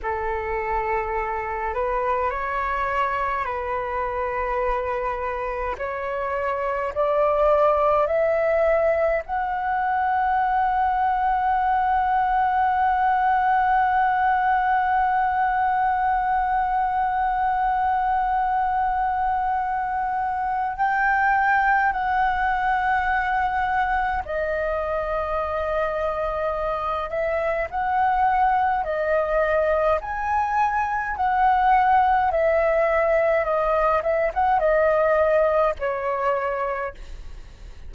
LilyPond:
\new Staff \with { instrumentName = "flute" } { \time 4/4 \tempo 4 = 52 a'4. b'8 cis''4 b'4~ | b'4 cis''4 d''4 e''4 | fis''1~ | fis''1~ |
fis''2 g''4 fis''4~ | fis''4 dis''2~ dis''8 e''8 | fis''4 dis''4 gis''4 fis''4 | e''4 dis''8 e''16 fis''16 dis''4 cis''4 | }